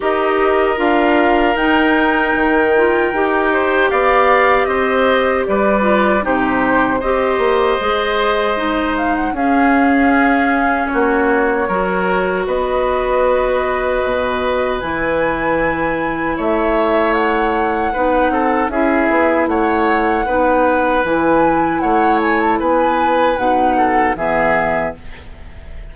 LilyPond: <<
  \new Staff \with { instrumentName = "flute" } { \time 4/4 \tempo 4 = 77 dis''4 f''4 g''2~ | g''4 f''4 dis''4 d''4 | c''4 dis''2~ dis''8 f''16 fis''16 | f''2 cis''2 |
dis''2. gis''4~ | gis''4 e''4 fis''2 | e''4 fis''2 gis''4 | fis''8 gis''16 a''16 gis''4 fis''4 e''4 | }
  \new Staff \with { instrumentName = "oboe" } { \time 4/4 ais'1~ | ais'8 c''8 d''4 c''4 b'4 | g'4 c''2. | gis'2 fis'4 ais'4 |
b'1~ | b'4 cis''2 b'8 a'8 | gis'4 cis''4 b'2 | cis''4 b'4. a'8 gis'4 | }
  \new Staff \with { instrumentName = "clarinet" } { \time 4/4 g'4 f'4 dis'4. f'8 | g'2.~ g'8 f'8 | dis'4 g'4 gis'4 dis'4 | cis'2. fis'4~ |
fis'2. e'4~ | e'2. dis'4 | e'2 dis'4 e'4~ | e'2 dis'4 b4 | }
  \new Staff \with { instrumentName = "bassoon" } { \time 4/4 dis'4 d'4 dis'4 dis4 | dis'4 b4 c'4 g4 | c4 c'8 ais8 gis2 | cis'2 ais4 fis4 |
b2 b,4 e4~ | e4 a2 b8 c'8 | cis'8 b8 a4 b4 e4 | a4 b4 b,4 e4 | }
>>